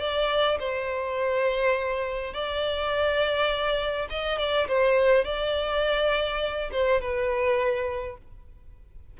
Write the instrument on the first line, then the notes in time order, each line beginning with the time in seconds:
violin
0.00 D5
0.60 C5
2.34 D5
4.10 D#5
4.38 D5
4.68 C5
5.25 D5
6.72 C5
7.01 B4